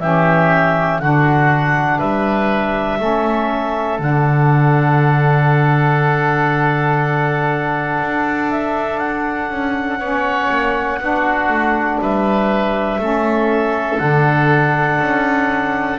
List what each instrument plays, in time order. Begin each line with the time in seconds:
0.00 double bass E3, saxophone C#4, oboe G4, clarinet E5
1.00 double bass D3, saxophone D4, oboe F#4, clarinet F#5
1.98 double bass G3, oboe B4, clarinet E5
2.99 double bass A3, saxophone C#4, oboe A4
3.99 double bass D3, saxophone D4, clarinet F#5
8.01 double bass D4
8.51 clarinet E5
8.98 clarinet F#5
9.50 double bass C#4
9.99 double bass B3, saxophone C#4, oboe C#5
10.50 double bass A#3
11.00 double bass B3, saxophone D4, oboe F#4
11.48 double bass A3
12.01 double bass G3, oboe B4, clarinet E5
12.99 double bass A3, saxophone C#4, oboe A4
13.97 double bass D3, saxophone D4, clarinet F#5
15.01 double bass C#4